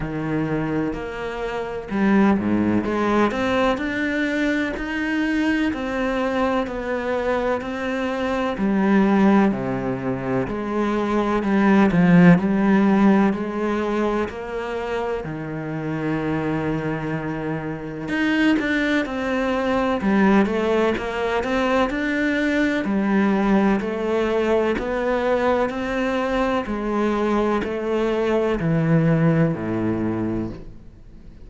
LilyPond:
\new Staff \with { instrumentName = "cello" } { \time 4/4 \tempo 4 = 63 dis4 ais4 g8 gis,8 gis8 c'8 | d'4 dis'4 c'4 b4 | c'4 g4 c4 gis4 | g8 f8 g4 gis4 ais4 |
dis2. dis'8 d'8 | c'4 g8 a8 ais8 c'8 d'4 | g4 a4 b4 c'4 | gis4 a4 e4 a,4 | }